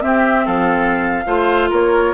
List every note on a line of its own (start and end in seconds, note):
0.00 1.24 C4
0.00 0.46 C4
0.00 0.45 G4
0.00 0.46 E5
0.45 1.25 F3
0.45 1.24 A4
0.45 1.70 F5
1.25 1.71 A3
1.25 2.14 F4
1.25 1.70 C5
1.70 2.14 A#3
1.70 2.14 A#4
1.70 2.14 C#5